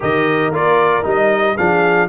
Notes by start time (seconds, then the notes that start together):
0.00 D#3 G4 A#4 D#5
0.50 A#3 F4 D5
1.03 G3 D#4 D#5
1.56 F3 D4 G#4 F5